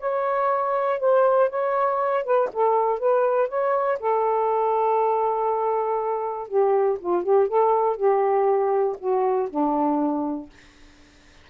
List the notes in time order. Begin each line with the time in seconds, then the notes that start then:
0.00 C#5
1.00 C5
1.50 C#5
2.24 B4
2.53 A4
3.00 B4
3.49 C#5
4.00 A4
6.48 G4
7.00 F4
7.23 G4
7.48 A4
7.97 G4
8.99 F#4
9.50 D4